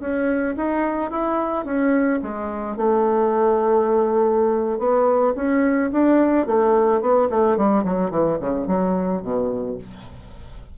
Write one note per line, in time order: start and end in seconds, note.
0.00 0.55 C#4
0.57 1.11 D#4
1.11 1.65 E4
1.65 2.20 C#4
2.22 2.77 G#3
2.77 4.79 A3
4.79 5.34 B3
5.36 5.91 C#4
5.92 6.47 D4
6.47 7.01 A3
7.01 7.29 B3
7.30 7.57 A3
7.57 7.84 G3
7.84 8.11 F#3
8.11 8.38 E3
8.40 8.67 C#3
8.67 9.22 F#3
9.22 9.77 B2